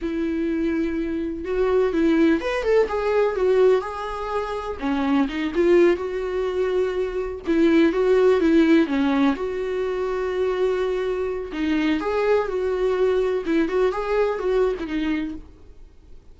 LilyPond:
\new Staff \with { instrumentName = "viola" } { \time 4/4 \tempo 4 = 125 e'2. fis'4 | e'4 b'8 a'8 gis'4 fis'4 | gis'2 cis'4 dis'8 f'8~ | f'8 fis'2. e'8~ |
e'8 fis'4 e'4 cis'4 fis'8~ | fis'1 | dis'4 gis'4 fis'2 | e'8 fis'8 gis'4 fis'8. e'16 dis'4 | }